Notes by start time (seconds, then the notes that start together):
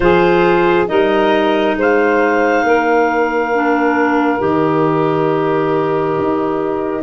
0.00 F3 F4 G#4 C5
0.86 G3 D#4 A#4 D#5
1.76 G#3 C5 F5
2.63 A#3 A#4
3.54 D4
4.38 D#3 G4 D#5
6.18 D#4